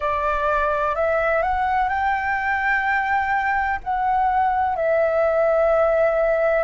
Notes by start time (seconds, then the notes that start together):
0.00 D5
0.95 E5
1.42 F#5
1.88 G5
3.83 F#5
4.76 E5